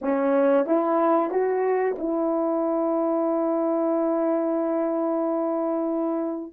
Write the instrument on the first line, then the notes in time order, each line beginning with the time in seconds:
horn
0.01 C#4
0.66 E4
1.30 F#4
1.98 E4